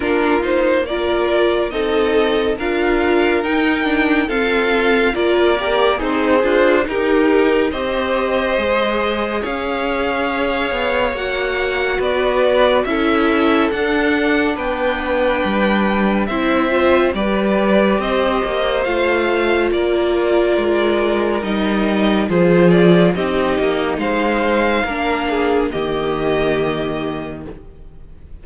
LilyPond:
<<
  \new Staff \with { instrumentName = "violin" } { \time 4/4 \tempo 4 = 70 ais'8 c''8 d''4 dis''4 f''4 | g''4 f''4 d''4 c''4 | ais'4 dis''2 f''4~ | f''4 fis''4 d''4 e''4 |
fis''4 g''2 e''4 | d''4 dis''4 f''4 d''4~ | d''4 dis''4 c''8 d''8 dis''4 | f''2 dis''2 | }
  \new Staff \with { instrumentName = "violin" } { \time 4/4 f'4 ais'4 a'4 ais'4~ | ais'4 a'4 ais'4 dis'8 f'8 | g'4 c''2 cis''4~ | cis''2 b'4 a'4~ |
a'4 b'2 c''4 | b'4 c''2 ais'4~ | ais'2 gis'4 g'4 | c''4 ais'8 gis'8 g'2 | }
  \new Staff \with { instrumentName = "viola" } { \time 4/4 d'8 dis'8 f'4 dis'4 f'4 | dis'8 d'8 c'4 f'8 g'8 gis'4 | dis'4 g'4 gis'2~ | gis'4 fis'2 e'4 |
d'2. e'8 f'8 | g'2 f'2~ | f'4 dis'4 f'4 dis'4~ | dis'4 d'4 ais2 | }
  \new Staff \with { instrumentName = "cello" } { \time 4/4 ais2 c'4 d'4 | dis'4 f'4 ais4 c'8 d'8 | dis'4 c'4 gis4 cis'4~ | cis'8 b8 ais4 b4 cis'4 |
d'4 b4 g4 c'4 | g4 c'8 ais8 a4 ais4 | gis4 g4 f4 c'8 ais8 | gis4 ais4 dis2 | }
>>